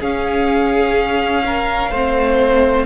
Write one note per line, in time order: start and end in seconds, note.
0.00 1.90 C#4
0.00 1.93 C#4
0.00 1.43 G#4
0.00 2.86 F5
1.46 1.91 A#4
1.90 2.85 A3
1.90 2.86 C4
1.90 2.86 C5